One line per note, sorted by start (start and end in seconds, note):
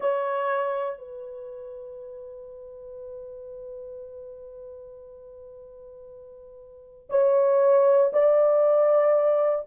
0.00 0.98 C#5
0.98 7.08 B4
7.09 8.11 C#5
8.12 9.65 D5